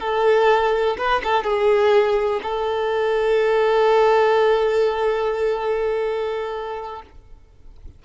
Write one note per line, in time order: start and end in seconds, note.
0.00 0.97 A4
0.98 1.22 B4
1.24 1.44 A4
1.44 2.41 G#4
2.43 7.02 A4